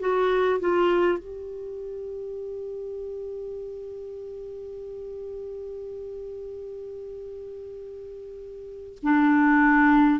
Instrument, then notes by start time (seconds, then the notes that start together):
clarinet
0.00 F#4
0.59 F4
1.18 G4
9.03 D4